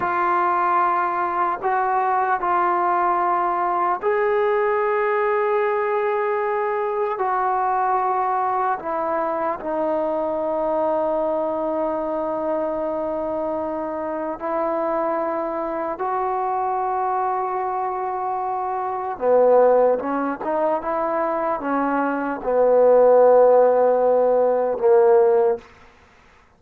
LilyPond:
\new Staff \with { instrumentName = "trombone" } { \time 4/4 \tempo 4 = 75 f'2 fis'4 f'4~ | f'4 gis'2.~ | gis'4 fis'2 e'4 | dis'1~ |
dis'2 e'2 | fis'1 | b4 cis'8 dis'8 e'4 cis'4 | b2. ais4 | }